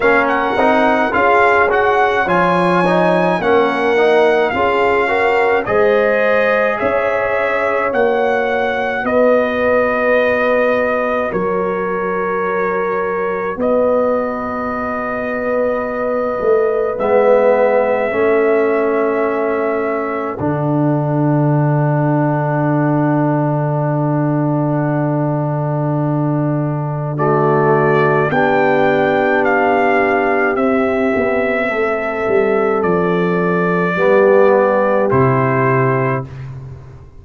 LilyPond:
<<
  \new Staff \with { instrumentName = "trumpet" } { \time 4/4 \tempo 4 = 53 f''16 fis''8. f''8 fis''8 gis''4 fis''4 | f''4 dis''4 e''4 fis''4 | dis''2 cis''2 | dis''2. e''4~ |
e''2 fis''2~ | fis''1 | d''4 g''4 f''4 e''4~ | e''4 d''2 c''4 | }
  \new Staff \with { instrumentName = "horn" } { \time 4/4 ais'4 gis'4 cis''4 ais'4 | gis'8 ais'8 c''4 cis''2 | b'2 ais'2 | b'1 |
a'1~ | a'1 | fis'4 g'2. | a'2 g'2 | }
  \new Staff \with { instrumentName = "trombone" } { \time 4/4 cis'8 dis'8 f'8 fis'8 f'8 dis'8 cis'8 dis'8 | f'8 fis'8 gis'2 fis'4~ | fis'1~ | fis'2. b4 |
cis'2 d'2~ | d'1 | a4 d'2 c'4~ | c'2 b4 e'4 | }
  \new Staff \with { instrumentName = "tuba" } { \time 4/4 ais8 c'8 cis'4 f4 ais4 | cis'4 gis4 cis'4 ais4 | b2 fis2 | b2~ b8 a8 gis4 |
a2 d2~ | d1~ | d4 b2 c'8 b8 | a8 g8 f4 g4 c4 | }
>>